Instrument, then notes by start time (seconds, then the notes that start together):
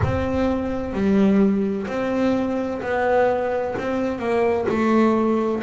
double bass
0.03 C4
0.93 G3
1.87 C4
2.81 B3
3.78 C4
4.18 A#3
4.69 A3